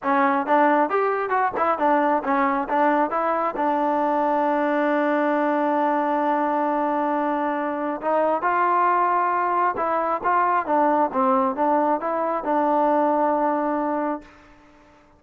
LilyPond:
\new Staff \with { instrumentName = "trombone" } { \time 4/4 \tempo 4 = 135 cis'4 d'4 g'4 fis'8 e'8 | d'4 cis'4 d'4 e'4 | d'1~ | d'1~ |
d'2 dis'4 f'4~ | f'2 e'4 f'4 | d'4 c'4 d'4 e'4 | d'1 | }